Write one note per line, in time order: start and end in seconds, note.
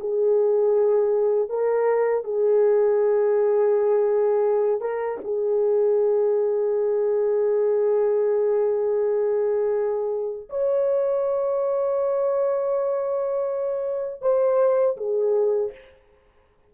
0.00 1.49 G#4
1.49 2.24 A#4
2.24 4.81 G#4
4.81 5.19 A#4
5.24 10.49 G#4
10.50 14.22 C#5
14.22 14.97 C5
14.97 15.72 G#4